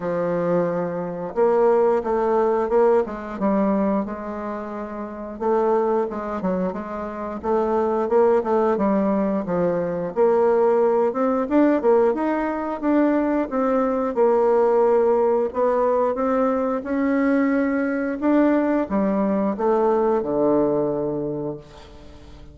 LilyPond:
\new Staff \with { instrumentName = "bassoon" } { \time 4/4 \tempo 4 = 89 f2 ais4 a4 | ais8 gis8 g4 gis2 | a4 gis8 fis8 gis4 a4 | ais8 a8 g4 f4 ais4~ |
ais8 c'8 d'8 ais8 dis'4 d'4 | c'4 ais2 b4 | c'4 cis'2 d'4 | g4 a4 d2 | }